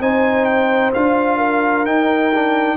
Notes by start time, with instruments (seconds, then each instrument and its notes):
0.00 tuba C4, trombone D#4, horn C5, trumpet G#5
0.45 trumpet G5
0.94 tuba D4, trombone F4, trumpet F5
1.37 horn A#4
1.86 tuba D#4, trombone D#4, trumpet G5
2.34 trombone D4